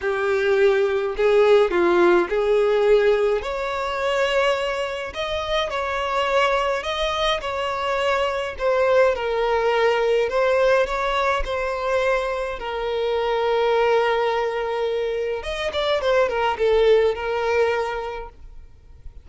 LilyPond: \new Staff \with { instrumentName = "violin" } { \time 4/4 \tempo 4 = 105 g'2 gis'4 f'4 | gis'2 cis''2~ | cis''4 dis''4 cis''2 | dis''4 cis''2 c''4 |
ais'2 c''4 cis''4 | c''2 ais'2~ | ais'2. dis''8 d''8 | c''8 ais'8 a'4 ais'2 | }